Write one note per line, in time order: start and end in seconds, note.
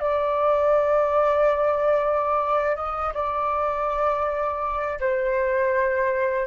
0.00 2.76 D5
2.76 3.13 D#5
3.14 5.00 D5
5.00 6.47 C5